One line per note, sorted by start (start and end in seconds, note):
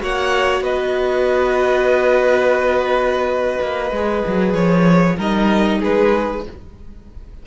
0.00 0.61 A#3
0.00 3.91 F#4
0.00 0.63 C#5
0.00 0.64 F#5
0.61 3.58 B3
0.61 5.16 B4
0.61 4.54 D#5
3.62 3.92 A#3
3.92 4.23 G#3
3.92 5.18 G#4
4.27 4.54 F#3
4.54 5.17 F3
4.54 5.17 C#5
5.17 5.81 G3
5.17 6.43 D#4
5.17 5.79 A#4
5.17 5.83 D#5
5.80 6.47 G#3
5.80 6.43 G#4
5.80 6.46 B4